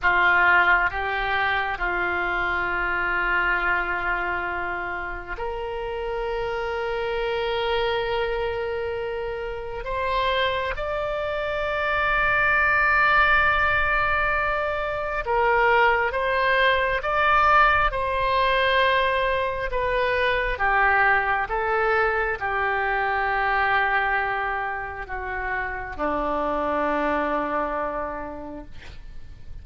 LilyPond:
\new Staff \with { instrumentName = "oboe" } { \time 4/4 \tempo 4 = 67 f'4 g'4 f'2~ | f'2 ais'2~ | ais'2. c''4 | d''1~ |
d''4 ais'4 c''4 d''4 | c''2 b'4 g'4 | a'4 g'2. | fis'4 d'2. | }